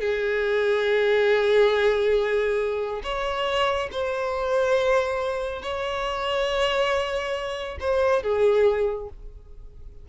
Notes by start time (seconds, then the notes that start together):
0.00 G#4
3.03 C#5
3.91 C5
5.62 C#5
7.80 C5
8.23 G#4